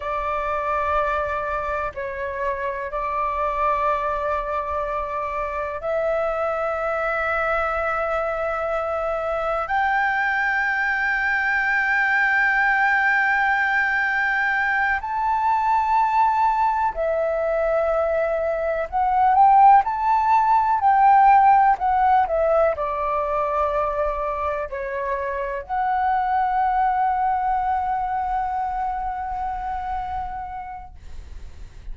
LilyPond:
\new Staff \with { instrumentName = "flute" } { \time 4/4 \tempo 4 = 62 d''2 cis''4 d''4~ | d''2 e''2~ | e''2 g''2~ | g''2.~ g''8 a''8~ |
a''4. e''2 fis''8 | g''8 a''4 g''4 fis''8 e''8 d''8~ | d''4. cis''4 fis''4.~ | fis''1 | }